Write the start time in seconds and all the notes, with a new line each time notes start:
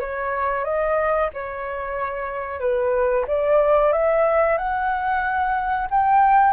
0.00 C#5
0.64 D#5
1.33 C#5
2.60 B4
3.27 D5
3.92 E5
4.57 F#5
5.90 G5